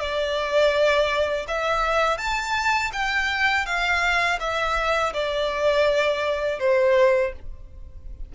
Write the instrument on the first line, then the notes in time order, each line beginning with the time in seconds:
violin
0.00 D5
1.48 E5
2.18 A5
2.93 G5
3.66 F5
4.40 E5
5.14 D5
6.60 C5